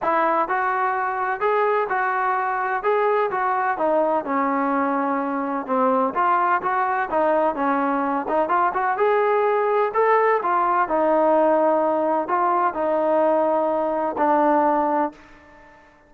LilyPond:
\new Staff \with { instrumentName = "trombone" } { \time 4/4 \tempo 4 = 127 e'4 fis'2 gis'4 | fis'2 gis'4 fis'4 | dis'4 cis'2. | c'4 f'4 fis'4 dis'4 |
cis'4. dis'8 f'8 fis'8 gis'4~ | gis'4 a'4 f'4 dis'4~ | dis'2 f'4 dis'4~ | dis'2 d'2 | }